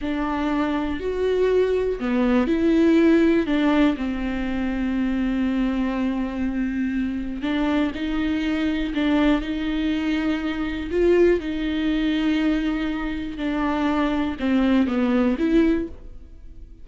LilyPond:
\new Staff \with { instrumentName = "viola" } { \time 4/4 \tempo 4 = 121 d'2 fis'2 | b4 e'2 d'4 | c'1~ | c'2. d'4 |
dis'2 d'4 dis'4~ | dis'2 f'4 dis'4~ | dis'2. d'4~ | d'4 c'4 b4 e'4 | }